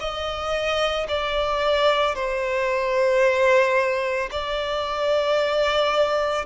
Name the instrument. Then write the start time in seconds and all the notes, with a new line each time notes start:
violin
0.00 D#5
1.09 D5
2.15 C5
4.31 D5